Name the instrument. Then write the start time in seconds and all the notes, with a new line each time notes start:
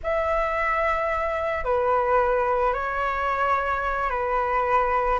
flute
0.03 E5
1.64 B4
2.73 C#5
4.10 B4